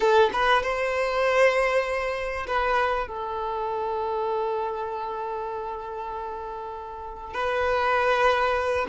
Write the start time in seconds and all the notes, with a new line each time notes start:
0.00 A4
0.33 B4
0.62 C5
2.47 B4
3.07 A4
7.33 B4